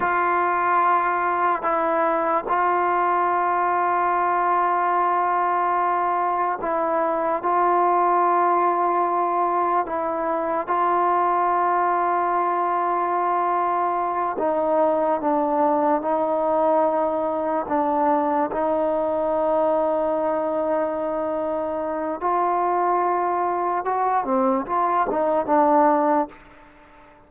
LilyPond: \new Staff \with { instrumentName = "trombone" } { \time 4/4 \tempo 4 = 73 f'2 e'4 f'4~ | f'1 | e'4 f'2. | e'4 f'2.~ |
f'4. dis'4 d'4 dis'8~ | dis'4. d'4 dis'4.~ | dis'2. f'4~ | f'4 fis'8 c'8 f'8 dis'8 d'4 | }